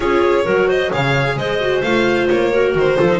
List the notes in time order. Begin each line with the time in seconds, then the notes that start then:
0.00 C#4 F4 G#4 C#5
0.45 F#3 F#4 A#4
0.68 C5 D#5
0.91 C#3 G#4 C#5 F5
1.36 G#3 C5 D#5
1.60 F#4
1.81 A3 F4 F5
2.27 A#3 C#5
2.52 F#4 A#4
2.74 D#3 C5
2.97 F3 F4 A4
3.09 D#4